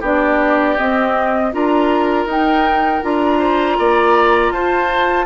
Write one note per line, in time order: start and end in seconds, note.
0.00 0.76 B3
0.00 0.77 D4
0.00 1.50 G4
0.00 0.77 D5
0.77 1.52 C4
0.77 1.53 C4
0.77 1.52 D#5
1.52 2.25 D4
1.52 2.27 F4
1.52 3.38 A#4
1.52 2.29 A#5
2.25 3.00 D#4
2.25 3.02 D#4
2.25 3.03 G5
3.02 3.78 D4
3.02 5.25 F4
3.02 4.52 A#5
3.38 3.76 C5
3.78 4.50 A#3
3.78 4.53 D5
4.50 5.25 F4
4.50 5.25 C5
4.50 5.25 A5